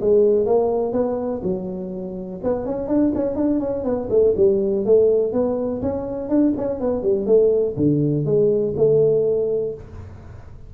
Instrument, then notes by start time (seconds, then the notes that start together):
tuba
0.00 G#3
0.45 A#3
0.92 B3
1.43 F#3
2.43 B3
2.65 C#4
2.87 D4
3.15 C#4
3.35 D4
3.59 C#4
3.84 B3
4.10 A3
4.36 G3
4.85 A3
5.32 B3
5.82 C#4
6.29 D4
6.57 C#4
6.80 B3
7.02 G3
7.26 A3
7.76 D3
8.25 G#3
8.76 A3